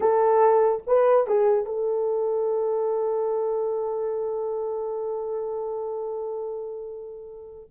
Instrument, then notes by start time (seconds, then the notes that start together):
horn
0.00 A4
0.86 B4
1.27 G#4
1.65 A4